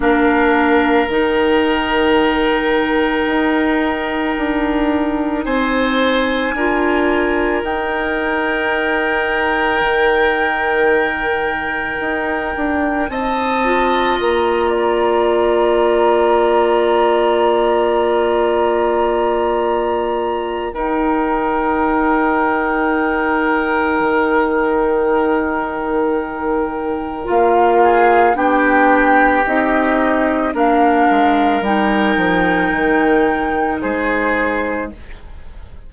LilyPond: <<
  \new Staff \with { instrumentName = "flute" } { \time 4/4 \tempo 4 = 55 f''4 g''2.~ | g''4 gis''2 g''4~ | g''1 | a''4 ais''2.~ |
ais''2. g''4~ | g''1~ | g''4 f''4 g''4 dis''4 | f''4 g''2 c''4 | }
  \new Staff \with { instrumentName = "oboe" } { \time 4/4 ais'1~ | ais'4 c''4 ais'2~ | ais'1 | dis''4. d''2~ d''8~ |
d''2. ais'4~ | ais'1~ | ais'4. gis'8 g'2 | ais'2. gis'4 | }
  \new Staff \with { instrumentName = "clarinet" } { \time 4/4 d'4 dis'2.~ | dis'2 f'4 dis'4~ | dis'1~ | dis'8 f'2.~ f'8~ |
f'2. dis'4~ | dis'1~ | dis'4 f'4 d'4 dis'4 | d'4 dis'2. | }
  \new Staff \with { instrumentName = "bassoon" } { \time 4/4 ais4 dis2 dis'4 | d'4 c'4 d'4 dis'4~ | dis'4 dis2 dis'8 d'8 | c'4 ais2.~ |
ais2. dis'4~ | dis'2 dis2~ | dis4 ais4 b4 c'4 | ais8 gis8 g8 f8 dis4 gis4 | }
>>